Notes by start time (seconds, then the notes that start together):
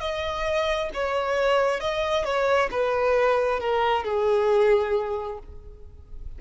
0.00 D#5
0.94 C#5
1.80 D#5
2.24 C#5
2.71 B4
3.60 A#4
4.04 G#4